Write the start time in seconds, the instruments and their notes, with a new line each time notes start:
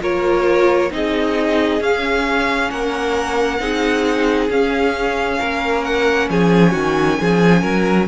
0.00 cello A#3, viola F4, violin A#4 C#5
0.90 cello C4, viola D#4, violin G#4 D#5
1.80 cello C#4, viola C#4, violin F5
2.71 cello A#3, violin A#4 F#5
3.59 cello C4, viola D#4, violin G#4
4.49 viola C#4, cello C#4, violin F5
5.40 cello A#3, violin A#4
5.84 violin F#5
6.30 cello F3, violin G#4 G#5
6.72 cello D#3, violin F#4
7.20 cello F3, violin G#4
7.61 cello F#3, violin A#4